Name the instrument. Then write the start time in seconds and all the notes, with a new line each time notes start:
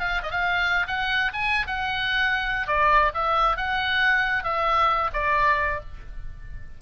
oboe
0.00 F5
0.23 D#5
0.31 F5
0.88 F#5
1.33 G#5
1.67 F#5
2.68 D5
3.14 E5
3.57 F#5
4.44 E5
5.14 D5